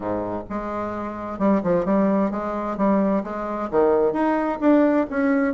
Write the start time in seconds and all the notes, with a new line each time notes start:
0.00 G#2
0.49 G#3
1.38 G3
1.63 F3
1.85 G3
2.31 G#3
2.77 G3
3.23 G#3
3.70 D#3
4.12 D#4
4.60 D4
5.09 C#4